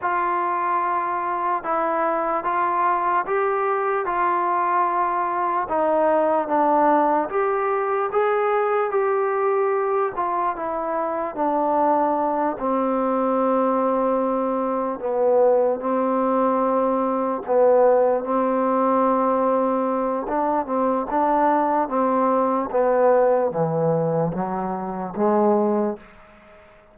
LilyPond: \new Staff \with { instrumentName = "trombone" } { \time 4/4 \tempo 4 = 74 f'2 e'4 f'4 | g'4 f'2 dis'4 | d'4 g'4 gis'4 g'4~ | g'8 f'8 e'4 d'4. c'8~ |
c'2~ c'8 b4 c'8~ | c'4. b4 c'4.~ | c'4 d'8 c'8 d'4 c'4 | b4 e4 fis4 gis4 | }